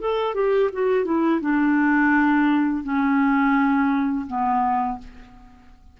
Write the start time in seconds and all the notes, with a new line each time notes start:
0.00 A4
0.34 G4
0.73 F#4
1.05 E4
1.41 D4
2.83 C#4
4.27 B3